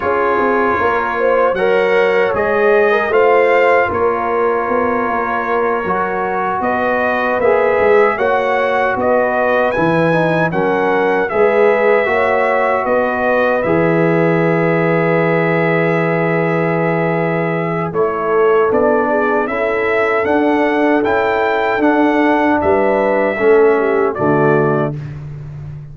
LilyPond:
<<
  \new Staff \with { instrumentName = "trumpet" } { \time 4/4 \tempo 4 = 77 cis''2 fis''4 dis''4 | f''4 cis''2.~ | cis''8 dis''4 e''4 fis''4 dis''8~ | dis''8 gis''4 fis''4 e''4.~ |
e''8 dis''4 e''2~ e''8~ | e''2. cis''4 | d''4 e''4 fis''4 g''4 | fis''4 e''2 d''4 | }
  \new Staff \with { instrumentName = "horn" } { \time 4/4 gis'4 ais'8 c''8 cis''4.~ cis''16 ais'16 | c''4 ais'2.~ | ais'8 b'2 cis''4 b'8~ | b'4. ais'4 b'4 cis''8~ |
cis''8 b'2.~ b'8~ | b'2. a'4~ | a'8 gis'8 a'2.~ | a'4 b'4 a'8 g'8 fis'4 | }
  \new Staff \with { instrumentName = "trombone" } { \time 4/4 f'2 ais'4 gis'4 | f'2.~ f'8 fis'8~ | fis'4. gis'4 fis'4.~ | fis'8 e'8 dis'8 cis'4 gis'4 fis'8~ |
fis'4. gis'2~ gis'8~ | gis'2. e'4 | d'4 e'4 d'4 e'4 | d'2 cis'4 a4 | }
  \new Staff \with { instrumentName = "tuba" } { \time 4/4 cis'8 c'8 ais4 fis4 gis4 | a4 ais4 b8 ais4 fis8~ | fis8 b4 ais8 gis8 ais4 b8~ | b8 e4 fis4 gis4 ais8~ |
ais8 b4 e2~ e8~ | e2. a4 | b4 cis'4 d'4 cis'4 | d'4 g4 a4 d4 | }
>>